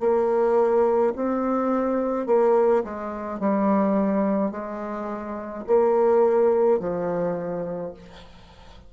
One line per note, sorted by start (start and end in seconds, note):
0.00 1.13 A#3
1.16 2.26 C4
2.26 2.83 A#3
2.84 3.40 G#3
3.40 4.51 G3
4.51 5.64 G#3
5.67 6.79 A#3
6.79 7.92 F3